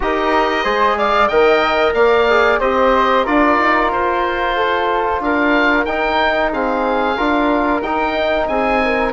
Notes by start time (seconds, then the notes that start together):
0.00 D#4 G4 A#4 D#5
0.63 G#3 G#4 C5
0.97 D5 F5
1.28 D#3 A#4 D#5 G5
1.93 A#3 D5 F5
2.29 G#4
2.59 C4 G4 C5 D#5
3.24 D4 F4 A#4 D5
3.59 D#4
3.92 F4 C5
4.55 A4
5.20 D4 A#4 F5
5.85 D#4 G5
6.52 C4 G#4 F5
7.17 D4 F4 A#4
7.82 D#4 G5
8.47 C4 G#4 G#5
8.84 A#4